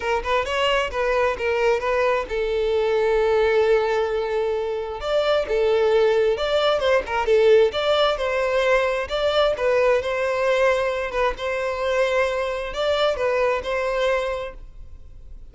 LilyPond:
\new Staff \with { instrumentName = "violin" } { \time 4/4 \tempo 4 = 132 ais'8 b'8 cis''4 b'4 ais'4 | b'4 a'2.~ | a'2. d''4 | a'2 d''4 c''8 ais'8 |
a'4 d''4 c''2 | d''4 b'4 c''2~ | c''8 b'8 c''2. | d''4 b'4 c''2 | }